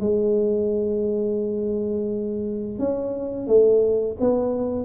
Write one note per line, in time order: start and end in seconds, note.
0.00 2.79 G#3
2.79 3.47 C#4
3.47 4.17 A3
4.20 4.85 B3